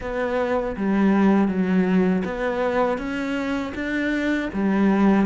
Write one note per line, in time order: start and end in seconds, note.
0.00 0.75 B3
0.76 1.48 G3
1.48 2.23 F#3
2.24 2.98 B3
2.98 3.73 C#4
3.74 4.49 D4
4.53 5.26 G3